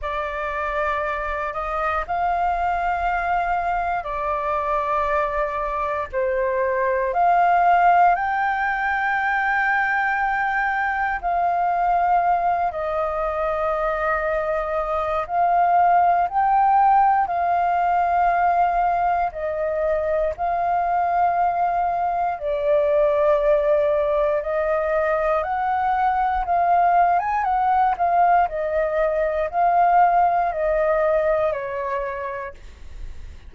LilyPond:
\new Staff \with { instrumentName = "flute" } { \time 4/4 \tempo 4 = 59 d''4. dis''8 f''2 | d''2 c''4 f''4 | g''2. f''4~ | f''8 dis''2~ dis''8 f''4 |
g''4 f''2 dis''4 | f''2 d''2 | dis''4 fis''4 f''8. gis''16 fis''8 f''8 | dis''4 f''4 dis''4 cis''4 | }